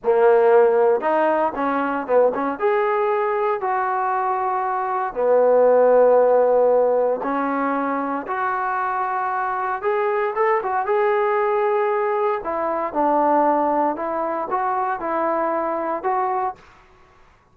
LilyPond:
\new Staff \with { instrumentName = "trombone" } { \time 4/4 \tempo 4 = 116 ais2 dis'4 cis'4 | b8 cis'8 gis'2 fis'4~ | fis'2 b2~ | b2 cis'2 |
fis'2. gis'4 | a'8 fis'8 gis'2. | e'4 d'2 e'4 | fis'4 e'2 fis'4 | }